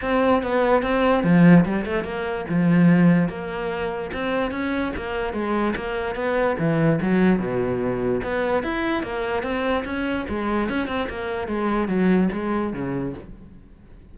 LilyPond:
\new Staff \with { instrumentName = "cello" } { \time 4/4 \tempo 4 = 146 c'4 b4 c'4 f4 | g8 a8 ais4 f2 | ais2 c'4 cis'4 | ais4 gis4 ais4 b4 |
e4 fis4 b,2 | b4 e'4 ais4 c'4 | cis'4 gis4 cis'8 c'8 ais4 | gis4 fis4 gis4 cis4 | }